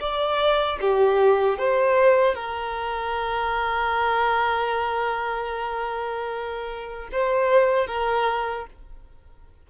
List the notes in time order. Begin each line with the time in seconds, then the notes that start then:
0.00 D5
0.81 G4
1.58 C5
2.35 A#4
7.12 C5
7.87 A#4